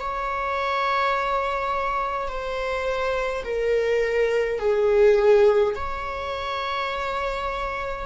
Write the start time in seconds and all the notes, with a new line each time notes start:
0.00 C#5
2.28 C5
3.44 A#4
4.59 G#4
5.75 C#5